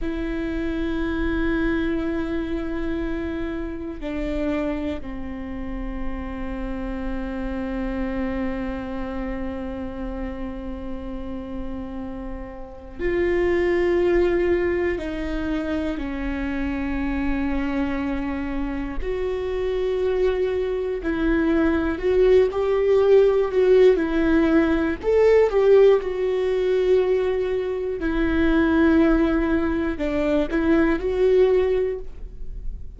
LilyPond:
\new Staff \with { instrumentName = "viola" } { \time 4/4 \tempo 4 = 60 e'1 | d'4 c'2.~ | c'1~ | c'4 f'2 dis'4 |
cis'2. fis'4~ | fis'4 e'4 fis'8 g'4 fis'8 | e'4 a'8 g'8 fis'2 | e'2 d'8 e'8 fis'4 | }